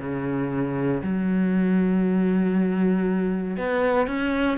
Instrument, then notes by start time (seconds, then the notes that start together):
cello
0.00 C#3
1.03 F#3
3.57 B3
4.07 C#4